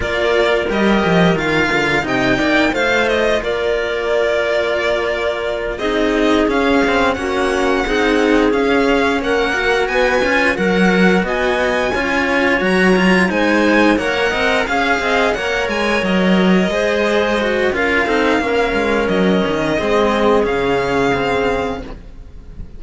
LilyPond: <<
  \new Staff \with { instrumentName = "violin" } { \time 4/4 \tempo 4 = 88 d''4 dis''4 f''4 g''4 | f''8 dis''8 d''2.~ | d''8 dis''4 f''4 fis''4.~ | fis''8 f''4 fis''4 gis''4 fis''8~ |
fis''8 gis''2 ais''4 gis''8~ | gis''8 fis''4 f''4 fis''8 gis''8 dis''8~ | dis''2 f''2 | dis''2 f''2 | }
  \new Staff \with { instrumentName = "clarinet" } { \time 4/4 ais'2. dis''8 d''8 | c''4 ais'2.~ | ais'8 gis'2 fis'4 gis'8~ | gis'4. ais'4 b'4 ais'8~ |
ais'8 dis''4 cis''2 c''8~ | c''8 cis''8 dis''8 f''8 dis''8 cis''4.~ | cis''8 c''4. ais'8 a'8 ais'4~ | ais'4 gis'2. | }
  \new Staff \with { instrumentName = "cello" } { \time 4/4 f'4 g'4 f'4 dis'4 | f'1~ | f'8 dis'4 cis'8 c'8 cis'4 dis'8~ | dis'8 cis'4. fis'4 f'8 fis'8~ |
fis'4. f'4 fis'8 f'8 dis'8~ | dis'8 ais'4 gis'4 ais'4.~ | ais'8 gis'4 fis'8 f'8 dis'8 cis'4~ | cis'4 c'4 cis'4 c'4 | }
  \new Staff \with { instrumentName = "cello" } { \time 4/4 ais4 g8 f8 dis8 d8 c8 ais8 | a4 ais2.~ | ais8 c'4 cis'4 ais4 c'8~ | c'8 cis'4 ais4 b8 cis'8 fis8~ |
fis8 b4 cis'4 fis4 gis8~ | gis8 ais8 c'8 cis'8 c'8 ais8 gis8 fis8~ | fis8 gis4. cis'8 c'8 ais8 gis8 | fis8 dis8 gis4 cis2 | }
>>